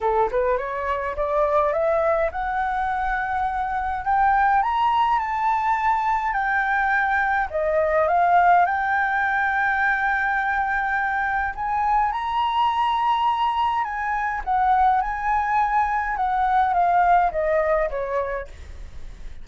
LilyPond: \new Staff \with { instrumentName = "flute" } { \time 4/4 \tempo 4 = 104 a'8 b'8 cis''4 d''4 e''4 | fis''2. g''4 | ais''4 a''2 g''4~ | g''4 dis''4 f''4 g''4~ |
g''1 | gis''4 ais''2. | gis''4 fis''4 gis''2 | fis''4 f''4 dis''4 cis''4 | }